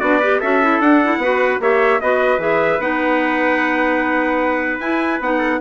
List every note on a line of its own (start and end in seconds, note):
0.00 0.41 B3
0.00 0.21 D4
0.00 0.20 F#4
0.00 0.40 D5
0.20 0.43 G4
0.20 0.40 B4
0.40 0.80 C#4
0.40 0.63 F#4
0.40 1.20 A4
0.40 0.81 E5
0.63 0.82 E4
0.80 1.18 D4
0.80 1.02 D4
0.80 1.61 F#5
1.04 1.23 E4
1.18 1.58 B3
1.18 1.61 F#4
1.18 1.62 B4
1.60 2.00 A#3
1.60 2.01 G4
1.60 2.02 C#5
1.60 2.01 E5
2.01 2.38 B3
2.01 2.39 F#4
2.01 5.38 B4
2.01 2.41 D#5
2.38 2.78 E3
2.38 2.79 G#4
2.38 2.81 E5
2.79 4.79 B3
2.79 4.81 D#4
2.79 4.80 F#5
4.80 5.20 E4
4.80 5.21 E4
4.80 5.20 G#5
5.20 5.60 B3
5.20 5.61 D#4
5.20 5.61 F#5
5.38 5.58 A4